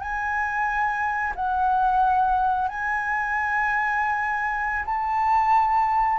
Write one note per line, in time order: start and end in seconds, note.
0.00 1.33 G#5
1.35 2.68 F#5
2.68 4.85 G#5
4.86 6.19 A5